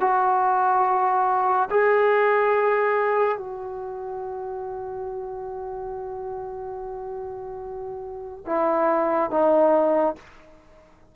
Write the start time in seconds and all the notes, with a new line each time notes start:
0.00 F#4
1.71 G#4
3.38 F#4
8.46 E4
9.31 D#4